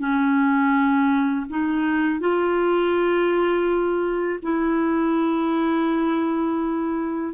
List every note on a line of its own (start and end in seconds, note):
0.00 1.46 C#4
1.50 2.21 D#4
2.21 4.40 F4
4.43 7.34 E4